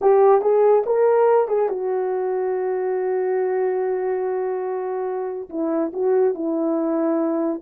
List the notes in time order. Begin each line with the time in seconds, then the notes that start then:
0.01 G4
0.41 G#4
0.85 A#4
1.48 G#4
1.68 F#4
5.49 E4
5.93 F#4
6.34 E4